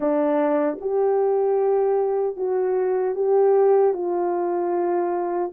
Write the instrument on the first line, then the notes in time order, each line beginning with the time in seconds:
horn
0.00 D4
0.80 G4
2.36 F#4
3.15 G4
3.93 F4